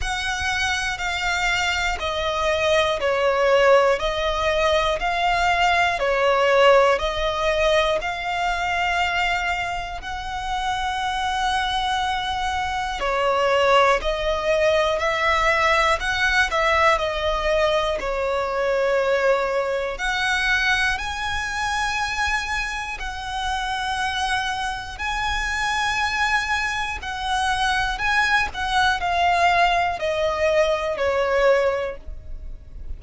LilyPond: \new Staff \with { instrumentName = "violin" } { \time 4/4 \tempo 4 = 60 fis''4 f''4 dis''4 cis''4 | dis''4 f''4 cis''4 dis''4 | f''2 fis''2~ | fis''4 cis''4 dis''4 e''4 |
fis''8 e''8 dis''4 cis''2 | fis''4 gis''2 fis''4~ | fis''4 gis''2 fis''4 | gis''8 fis''8 f''4 dis''4 cis''4 | }